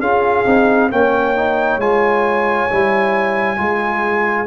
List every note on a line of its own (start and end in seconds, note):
0.00 0.45 C#4
0.00 0.45 F4
0.00 0.90 G#4
0.00 0.90 F5
0.45 0.91 C4
0.45 0.90 D#4
0.90 1.77 A#3
0.90 1.35 C#4
0.90 3.59 C#5
0.90 1.80 G5
1.35 1.80 D#4
1.77 2.66 G#3
1.77 2.69 F4
1.77 4.46 G#5
2.71 3.59 G3
2.71 3.57 E4
3.57 4.46 G#3
3.57 4.46 F4
3.57 4.46 G#4